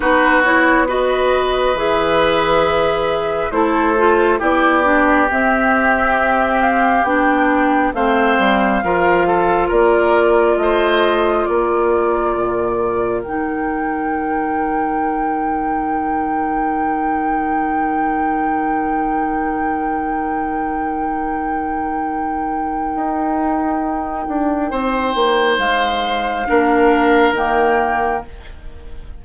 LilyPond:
<<
  \new Staff \with { instrumentName = "flute" } { \time 4/4 \tempo 4 = 68 b'8 cis''8 dis''4 e''2 | c''4 d''4 e''4. f''8 | g''4 f''2 d''4 | dis''4 d''2 g''4~ |
g''1~ | g''1~ | g''1~ | g''4 f''2 g''4 | }
  \new Staff \with { instrumentName = "oboe" } { \time 4/4 fis'4 b'2. | a'4 g'2.~ | g'4 c''4 ais'8 a'8 ais'4 | c''4 ais'2.~ |
ais'1~ | ais'1~ | ais'1 | c''2 ais'2 | }
  \new Staff \with { instrumentName = "clarinet" } { \time 4/4 dis'8 e'8 fis'4 gis'2 | e'8 f'8 e'8 d'8 c'2 | d'4 c'4 f'2~ | f'2. dis'4~ |
dis'1~ | dis'1~ | dis'1~ | dis'2 d'4 ais4 | }
  \new Staff \with { instrumentName = "bassoon" } { \time 4/4 b2 e2 | a4 b4 c'2 | b4 a8 g8 f4 ais4 | a4 ais4 ais,4 dis4~ |
dis1~ | dis1~ | dis2 dis'4. d'8 | c'8 ais8 gis4 ais4 dis4 | }
>>